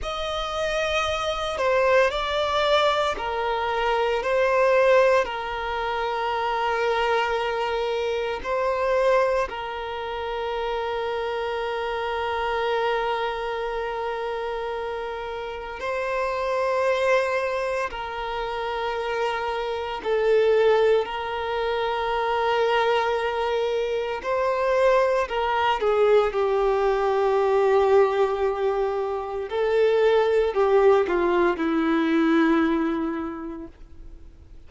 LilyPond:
\new Staff \with { instrumentName = "violin" } { \time 4/4 \tempo 4 = 57 dis''4. c''8 d''4 ais'4 | c''4 ais'2. | c''4 ais'2.~ | ais'2. c''4~ |
c''4 ais'2 a'4 | ais'2. c''4 | ais'8 gis'8 g'2. | a'4 g'8 f'8 e'2 | }